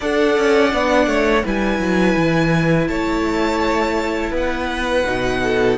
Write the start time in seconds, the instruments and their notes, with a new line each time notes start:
0.00 cello D4, viola A4, violin D5 F#5
0.37 cello C#4
0.69 cello B3, viola D4
1.06 cello A3, violin C#5
1.43 cello G3, viola E4, violin B4 G#5
1.78 cello F#3
2.16 cello E3
2.87 cello A3, violin C#5 A5
4.30 cello B3, violin B4
4.36 violin F#5
5.05 cello B2, viola D#4
5.42 violin A4